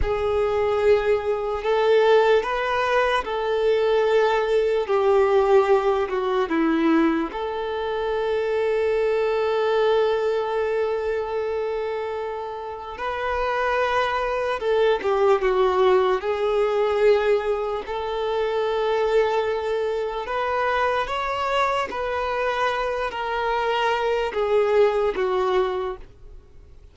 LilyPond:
\new Staff \with { instrumentName = "violin" } { \time 4/4 \tempo 4 = 74 gis'2 a'4 b'4 | a'2 g'4. fis'8 | e'4 a'2.~ | a'1 |
b'2 a'8 g'8 fis'4 | gis'2 a'2~ | a'4 b'4 cis''4 b'4~ | b'8 ais'4. gis'4 fis'4 | }